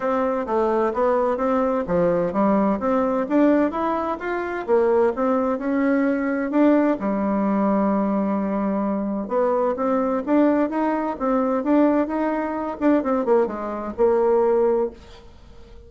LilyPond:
\new Staff \with { instrumentName = "bassoon" } { \time 4/4 \tempo 4 = 129 c'4 a4 b4 c'4 | f4 g4 c'4 d'4 | e'4 f'4 ais4 c'4 | cis'2 d'4 g4~ |
g1 | b4 c'4 d'4 dis'4 | c'4 d'4 dis'4. d'8 | c'8 ais8 gis4 ais2 | }